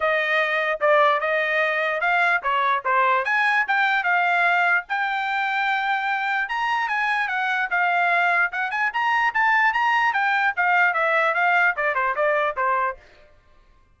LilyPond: \new Staff \with { instrumentName = "trumpet" } { \time 4/4 \tempo 4 = 148 dis''2 d''4 dis''4~ | dis''4 f''4 cis''4 c''4 | gis''4 g''4 f''2 | g''1 |
ais''4 gis''4 fis''4 f''4~ | f''4 fis''8 gis''8 ais''4 a''4 | ais''4 g''4 f''4 e''4 | f''4 d''8 c''8 d''4 c''4 | }